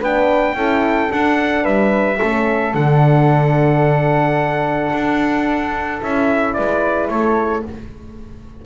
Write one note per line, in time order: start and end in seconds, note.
0.00 0.54 B3
0.00 0.56 D4
0.00 0.55 B4
0.00 1.12 G5
0.54 1.09 C#4
0.54 1.09 E4
0.54 1.62 A4
1.09 2.18 D4
1.09 1.65 D4
1.09 1.65 F#5
1.62 2.20 G3
1.62 2.17 B4
1.62 2.74 E5
2.20 2.74 A3
2.20 2.74 C#4
2.20 6.56 A4
2.74 4.92 D3
2.74 6.00 D4
2.74 6.02 F#5
4.92 6.01 D4
6.00 6.57 C#4
6.00 7.64 E4
6.00 6.53 E5
6.53 7.08 G#3
6.53 7.11 B4
6.53 7.08 D5
7.08 7.63 A3
7.08 7.65 A4
7.08 7.64 C#5